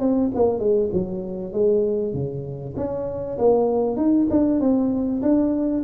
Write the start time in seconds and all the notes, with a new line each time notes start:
0.00 C4
0.35 A#3
0.59 G#3
0.93 F#3
1.53 G#3
2.13 C#3
2.77 C#4
3.38 A#3
3.97 D#4
4.30 D4
4.61 C4
5.22 D4